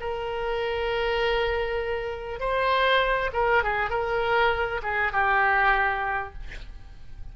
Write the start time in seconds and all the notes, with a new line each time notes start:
0.00 A#4
2.39 C5
3.33 A#4
3.63 G#4
3.90 A#4
4.82 G#4
5.12 G4